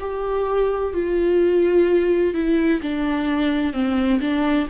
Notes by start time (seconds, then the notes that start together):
0.00 G4
0.93 F4
2.34 E4
2.82 D4
3.73 C4
4.21 D4